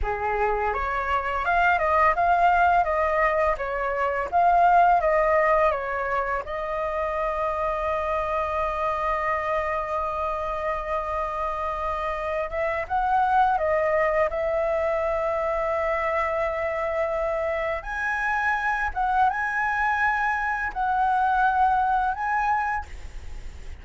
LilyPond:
\new Staff \with { instrumentName = "flute" } { \time 4/4 \tempo 4 = 84 gis'4 cis''4 f''8 dis''8 f''4 | dis''4 cis''4 f''4 dis''4 | cis''4 dis''2.~ | dis''1~ |
dis''4. e''8 fis''4 dis''4 | e''1~ | e''4 gis''4. fis''8 gis''4~ | gis''4 fis''2 gis''4 | }